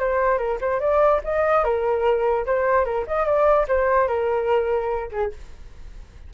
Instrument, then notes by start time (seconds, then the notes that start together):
flute
0.00 C5
0.39 A#4
0.61 C5
0.80 D5
1.24 D#5
1.64 A#4
2.47 C5
2.85 A#4
3.08 D#5
3.26 D5
3.68 C5
4.08 A#4
5.12 G#4